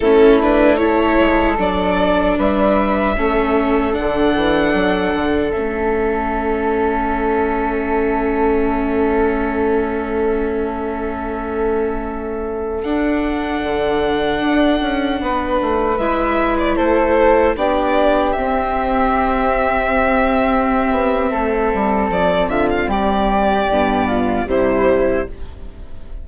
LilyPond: <<
  \new Staff \with { instrumentName = "violin" } { \time 4/4 \tempo 4 = 76 a'8 b'8 cis''4 d''4 e''4~ | e''4 fis''2 e''4~ | e''1~ | e''1~ |
e''16 fis''2.~ fis''8.~ | fis''16 e''8. d''16 c''4 d''4 e''8.~ | e''1 | d''8 e''16 f''16 d''2 c''4 | }
  \new Staff \with { instrumentName = "flute" } { \time 4/4 e'4 a'2 b'4 | a'1~ | a'1~ | a'1~ |
a'2.~ a'16 b'8.~ | b'4~ b'16 a'4 g'4.~ g'16~ | g'2. a'4~ | a'8 f'8 g'4. f'8 e'4 | }
  \new Staff \with { instrumentName = "viola" } { \time 4/4 cis'8 d'8 e'4 d'2 | cis'4 d'2 cis'4~ | cis'1~ | cis'1~ |
cis'16 d'2.~ d'8.~ | d'16 e'2 d'4 c'8.~ | c'1~ | c'2 b4 g4 | }
  \new Staff \with { instrumentName = "bassoon" } { \time 4/4 a4. gis8 fis4 g4 | a4 d8 e8 fis8 d8 a4~ | a1~ | a1~ |
a16 d'4 d4 d'8 cis'8 b8 a16~ | a16 gis4 a4 b4 c'8.~ | c'2~ c'8 b8 a8 g8 | f8 d8 g4 g,4 c4 | }
>>